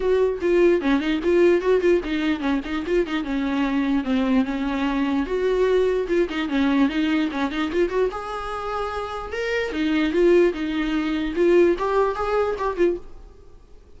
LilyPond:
\new Staff \with { instrumentName = "viola" } { \time 4/4 \tempo 4 = 148 fis'4 f'4 cis'8 dis'8 f'4 | fis'8 f'8 dis'4 cis'8 dis'8 f'8 dis'8 | cis'2 c'4 cis'4~ | cis'4 fis'2 f'8 dis'8 |
cis'4 dis'4 cis'8 dis'8 f'8 fis'8 | gis'2. ais'4 | dis'4 f'4 dis'2 | f'4 g'4 gis'4 g'8 f'8 | }